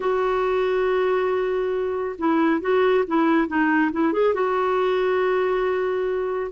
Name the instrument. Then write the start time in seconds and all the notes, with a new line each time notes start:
clarinet
0.00 F#4
2.18 E4
2.60 F#4
3.07 E4
3.47 D#4
3.92 E4
4.12 G#4
4.34 F#4